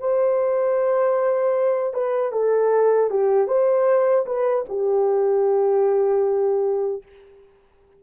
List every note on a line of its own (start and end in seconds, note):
0.00 1.94 C5
1.94 2.32 B4
2.32 3.10 A4
3.11 3.48 G4
3.48 4.26 C5
4.26 4.65 B4
4.69 7.03 G4